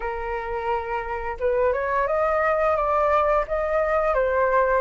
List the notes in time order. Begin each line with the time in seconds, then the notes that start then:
0.00 A#4
1.39 B4
1.72 C#5
2.07 D#5
2.76 D5
3.47 D#5
4.14 C5